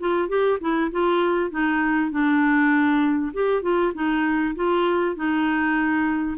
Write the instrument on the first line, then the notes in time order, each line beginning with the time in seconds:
clarinet
0.00 F4
0.29 G4
0.61 E4
0.92 F4
1.51 D#4
2.11 D4
3.34 G4
3.63 F4
3.94 D#4
4.55 F4
5.16 D#4